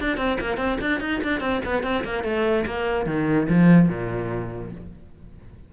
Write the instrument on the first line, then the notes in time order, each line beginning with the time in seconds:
cello
0.00 D4
0.17 C4
0.40 A#3
0.57 C4
0.81 D4
1.00 D#4
1.23 D4
1.40 C4
1.65 B3
1.83 C4
2.04 A#3
2.23 A3
2.66 A#3
3.06 D#3
3.49 F3
3.88 A#2